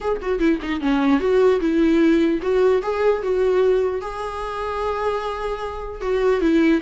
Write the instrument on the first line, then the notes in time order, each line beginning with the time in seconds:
viola
0.01 G#4
0.21 F#4
0.39 E4
0.62 D#4
0.80 C#4
1.20 F#4
1.60 E4
2.42 F#4
2.82 G#4
3.22 F#4
4.01 G#4
6.01 F#4
6.40 E4